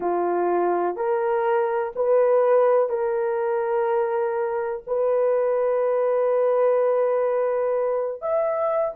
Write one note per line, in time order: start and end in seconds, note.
0.00 0.96 F4
0.96 1.92 A#4
1.95 2.89 B4
2.89 4.82 A#4
4.87 8.21 B4
8.21 8.94 E5